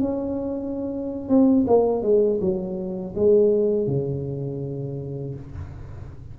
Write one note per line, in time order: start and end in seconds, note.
0.00 1.29 C#4
1.29 1.66 C4
1.67 2.02 A#3
2.02 2.39 G#3
2.40 3.14 F#3
3.15 3.87 G#3
3.87 5.35 C#3